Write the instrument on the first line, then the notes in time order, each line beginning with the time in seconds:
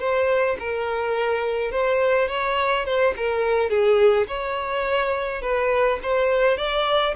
violin
0.00 C5
0.59 A#4
1.72 C5
2.28 C#5
2.85 C5
3.17 A#4
3.70 G#4
4.28 C#5
5.42 B4
6.03 C5
6.57 D5